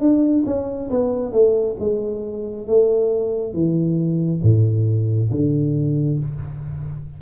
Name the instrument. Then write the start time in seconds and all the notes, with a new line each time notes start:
tuba
0.00 D4
0.46 C#4
0.91 B3
1.32 A3
1.80 G#3
2.67 A3
3.54 E3
4.42 A2
5.31 D3